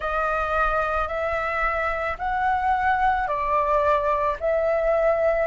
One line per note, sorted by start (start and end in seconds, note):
0.00 1.08 D#5
1.08 2.17 E5
2.18 3.27 F#5
3.27 4.36 D5
4.39 5.46 E5